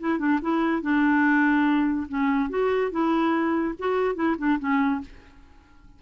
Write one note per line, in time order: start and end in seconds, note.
0.00 0.19 E4
0.19 0.40 D4
0.42 0.82 E4
0.82 2.07 D4
2.09 2.50 C#4
2.50 2.91 F#4
2.91 3.75 E4
3.79 4.15 F#4
4.15 4.36 E4
4.38 4.59 D4
4.59 5.01 C#4